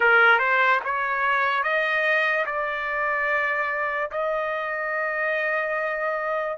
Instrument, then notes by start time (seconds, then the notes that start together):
trumpet
0.00 A#4
0.38 C5
0.84 C#5
1.63 D#5
2.46 D5
4.11 D#5